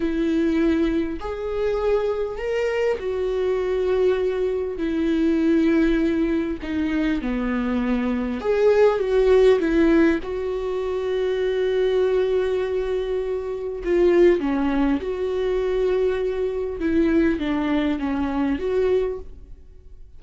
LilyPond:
\new Staff \with { instrumentName = "viola" } { \time 4/4 \tempo 4 = 100 e'2 gis'2 | ais'4 fis'2. | e'2. dis'4 | b2 gis'4 fis'4 |
e'4 fis'2.~ | fis'2. f'4 | cis'4 fis'2. | e'4 d'4 cis'4 fis'4 | }